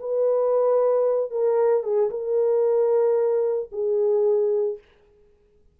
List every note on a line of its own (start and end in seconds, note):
0.00 1.31 B4
1.31 1.83 A#4
1.83 2.10 G#4
2.10 3.70 A#4
3.72 4.78 G#4